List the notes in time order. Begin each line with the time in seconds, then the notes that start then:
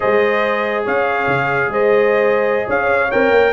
0.00 G#3 G#4 C5 D#5
0.84 C#4 C#5 F5
1.26 C#3
1.67 G#3 C5 D#5
2.66 C#4 C#5 F5
3.11 C4 A#4 G5
3.30 A#3